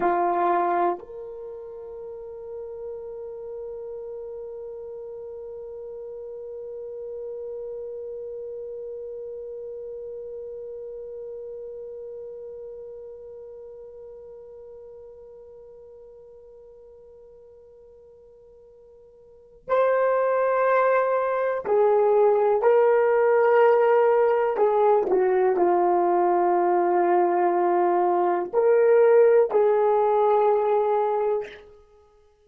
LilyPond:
\new Staff \with { instrumentName = "horn" } { \time 4/4 \tempo 4 = 61 f'4 ais'2.~ | ais'1~ | ais'1~ | ais'1~ |
ais'1 | c''2 gis'4 ais'4~ | ais'4 gis'8 fis'8 f'2~ | f'4 ais'4 gis'2 | }